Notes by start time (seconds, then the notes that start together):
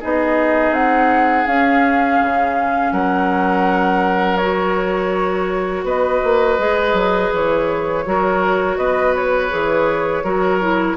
0.00 B3 D#4 G#4 D#5
0.71 C4 F#5
1.46 C#4 F5
2.22 C#3
2.92 F#3 A#4 F#5
4.37 F#4 C#5
5.84 B3 B4 D#5
6.24 A#3
6.58 G#3 G#4
6.93 F#3
7.34 E3 C#5
8.06 F#3 F#4 A#4
8.78 B3 B4 D#5
9.15 C#5
9.50 E3 G#4
10.23 F#3 F#4 A#4
10.61 E4